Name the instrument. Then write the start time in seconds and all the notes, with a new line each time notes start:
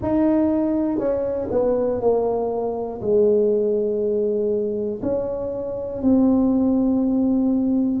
tuba
0.02 D#4
0.98 C#4
1.50 B3
2.00 A#3
3.00 G#3
5.02 C#4
6.02 C4